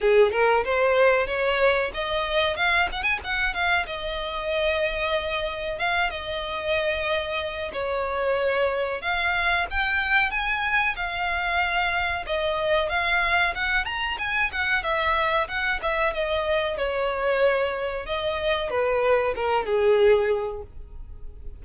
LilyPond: \new Staff \with { instrumentName = "violin" } { \time 4/4 \tempo 4 = 93 gis'8 ais'8 c''4 cis''4 dis''4 | f''8 fis''16 gis''16 fis''8 f''8 dis''2~ | dis''4 f''8 dis''2~ dis''8 | cis''2 f''4 g''4 |
gis''4 f''2 dis''4 | f''4 fis''8 ais''8 gis''8 fis''8 e''4 | fis''8 e''8 dis''4 cis''2 | dis''4 b'4 ais'8 gis'4. | }